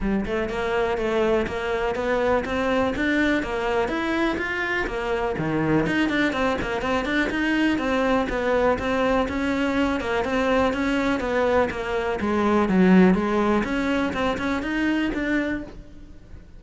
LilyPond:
\new Staff \with { instrumentName = "cello" } { \time 4/4 \tempo 4 = 123 g8 a8 ais4 a4 ais4 | b4 c'4 d'4 ais4 | e'4 f'4 ais4 dis4 | dis'8 d'8 c'8 ais8 c'8 d'8 dis'4 |
c'4 b4 c'4 cis'4~ | cis'8 ais8 c'4 cis'4 b4 | ais4 gis4 fis4 gis4 | cis'4 c'8 cis'8 dis'4 d'4 | }